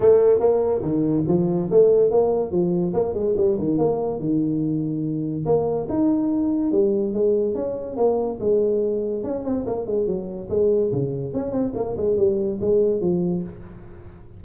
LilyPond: \new Staff \with { instrumentName = "tuba" } { \time 4/4 \tempo 4 = 143 a4 ais4 dis4 f4 | a4 ais4 f4 ais8 gis8 | g8 dis8 ais4 dis2~ | dis4 ais4 dis'2 |
g4 gis4 cis'4 ais4 | gis2 cis'8 c'8 ais8 gis8 | fis4 gis4 cis4 cis'8 c'8 | ais8 gis8 g4 gis4 f4 | }